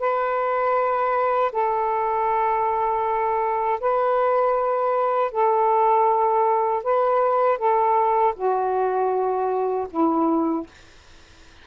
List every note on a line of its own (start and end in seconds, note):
0.00 1.52 B4
1.52 3.80 A4
3.80 5.32 B4
5.32 6.84 A4
6.84 7.58 B4
7.58 8.34 A4
8.36 9.88 F#4
9.91 10.67 E4